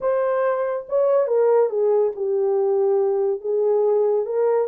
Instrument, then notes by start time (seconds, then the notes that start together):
horn
0.00 C5
0.89 C#5
1.27 A#4
1.69 G#4
2.15 G4
3.40 G#4
4.25 A#4